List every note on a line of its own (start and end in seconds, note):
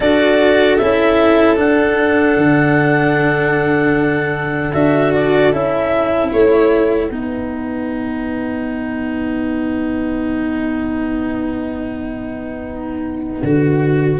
0.00 0.79 D4
0.00 0.79 F#4
0.00 6.30 A4
0.00 0.76 D5
0.76 1.58 C#4
0.76 1.56 E4
0.76 1.55 E5
1.56 4.72 D4
1.56 2.37 D4
1.56 4.73 F#5
2.37 4.73 D3
4.73 5.52 D4
4.73 5.52 F#4
4.73 5.12 E5
5.14 5.53 D5
5.52 6.31 C#4
5.52 7.10 E4
5.52 6.30 E5
6.30 7.10 A3
6.30 7.10 C#5
6.30 14.19 F#5
7.10 13.41 B3
7.10 13.43 D#4
7.10 14.19 B4
13.43 14.19 D3
13.43 14.19 F#4